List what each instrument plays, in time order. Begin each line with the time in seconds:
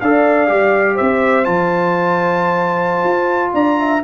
0.00 tuba D4, trombone A4, horn D5, trumpet F5
0.47 tuba G3, trombone G4
0.94 tuba C4, horn C5, trumpet E5
1.44 tuba F3, trombone F4, trumpet A5
3.04 tuba F4
3.53 tuba D4, horn D5, trumpet A#5
3.79 horn E5